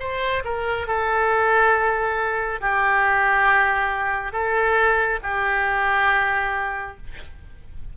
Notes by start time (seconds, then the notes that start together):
0.00 C5
0.45 A#4
0.87 A4
2.61 G4
4.32 A4
5.23 G4